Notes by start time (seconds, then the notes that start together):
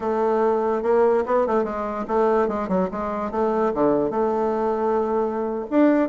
0.00 A3
0.82 A#3
1.26 B3
1.46 A3
1.63 G#3
2.07 A3
2.48 G#3
2.68 F#3
2.91 G#3
3.31 A3
3.74 D3
4.10 A3
5.70 D4